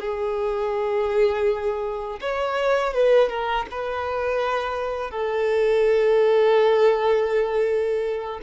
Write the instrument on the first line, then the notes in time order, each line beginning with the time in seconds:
violin
0.00 G#4
2.21 C#5
2.93 B4
3.29 A#4
3.71 B4
5.11 A4